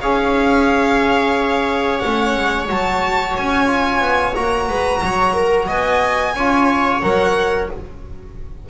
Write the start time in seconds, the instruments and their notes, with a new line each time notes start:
0.00 double bass C#4, trombone G#4, viola C#5, violin F5
1.98 trombone C#4, violin F#5
2.05 double bass A3
2.37 double bass G#3
2.67 double bass F#3, trombone F#4, violin A5
3.36 double bass C#4, violin G#5
3.66 trombone F4
4.00 double bass B3
4.34 double bass A#3, trombone F#4, violin A#5
4.68 double bass G#3, viola B4
5.02 double bass F#3, viola C#5
5.33 viola A#4
5.67 double bass B3, viola D#5, violin G#5
6.35 double bass C#4, trombone F4, viola C#5
7.01 double bass F#3, trombone A#4, violin F#5